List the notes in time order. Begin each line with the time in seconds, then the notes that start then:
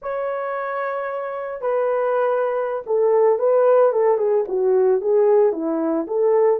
0.01 C#5
1.61 B4
2.86 A4
3.39 B4
3.92 A4
4.17 G#4
4.47 F#4
5.01 G#4
5.52 E4
6.07 A4